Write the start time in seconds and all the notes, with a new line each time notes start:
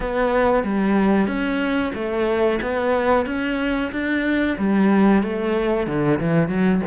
0.00 B3
0.63 G3
1.27 C#4
1.94 A3
2.62 B3
3.26 C#4
3.92 D4
4.58 G3
5.23 A3
5.86 D3
6.19 E3
6.48 F#3